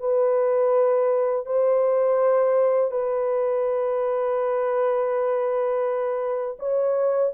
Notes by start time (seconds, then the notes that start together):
0.00 B4
1.46 C5
2.91 B4
6.60 C#5